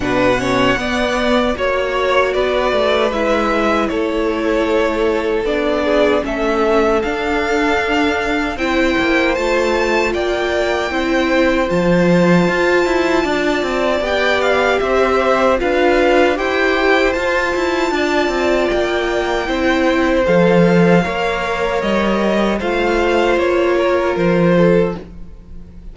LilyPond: <<
  \new Staff \with { instrumentName = "violin" } { \time 4/4 \tempo 4 = 77 fis''2 cis''4 d''4 | e''4 cis''2 d''4 | e''4 f''2 g''4 | a''4 g''2 a''4~ |
a''2 g''8 f''8 e''4 | f''4 g''4 a''2 | g''2 f''2 | dis''4 f''4 cis''4 c''4 | }
  \new Staff \with { instrumentName = "violin" } { \time 4/4 b'8 cis''8 d''4 cis''4 b'4~ | b'4 a'2~ a'8 gis'8 | a'2. c''4~ | c''4 d''4 c''2~ |
c''4 d''2 c''4 | b'4 c''2 d''4~ | d''4 c''2 cis''4~ | cis''4 c''4. ais'4 a'8 | }
  \new Staff \with { instrumentName = "viola" } { \time 4/4 d'8 cis'8 b4 fis'2 | e'2. d'4 | cis'4 d'2 e'4 | f'2 e'4 f'4~ |
f'2 g'2 | f'4 g'4 f'2~ | f'4 e'4 a'4 ais'4~ | ais'4 f'2. | }
  \new Staff \with { instrumentName = "cello" } { \time 4/4 b,4 b4 ais4 b8 a8 | gis4 a2 b4 | a4 d'2 c'8 ais8 | a4 ais4 c'4 f4 |
f'8 e'8 d'8 c'8 b4 c'4 | d'4 e'4 f'8 e'8 d'8 c'8 | ais4 c'4 f4 ais4 | g4 a4 ais4 f4 | }
>>